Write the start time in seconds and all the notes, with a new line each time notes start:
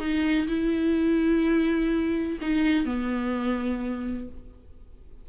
0.00 D#4
0.48 E4
2.42 D#4
2.85 B3